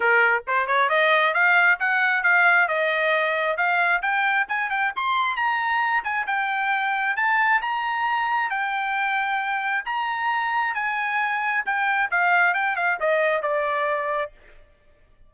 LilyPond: \new Staff \with { instrumentName = "trumpet" } { \time 4/4 \tempo 4 = 134 ais'4 c''8 cis''8 dis''4 f''4 | fis''4 f''4 dis''2 | f''4 g''4 gis''8 g''8 c'''4 | ais''4. gis''8 g''2 |
a''4 ais''2 g''4~ | g''2 ais''2 | gis''2 g''4 f''4 | g''8 f''8 dis''4 d''2 | }